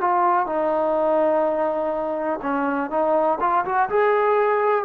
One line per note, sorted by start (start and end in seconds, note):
0.00 0.46 F4
0.46 2.39 D#4
2.42 2.90 C#4
2.90 3.38 D#4
3.40 3.64 F4
3.65 3.89 F#4
3.89 4.85 G#4